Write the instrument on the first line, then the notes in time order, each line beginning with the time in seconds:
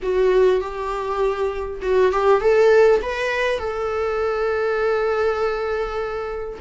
viola
0.02 F#4
0.61 G4
1.82 F#4
2.12 G4
2.40 A4
3.02 B4
3.58 A4